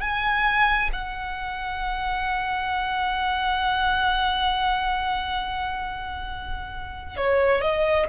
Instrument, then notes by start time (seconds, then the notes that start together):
violin
0.00 G#5
0.92 F#5
7.16 C#5
7.61 D#5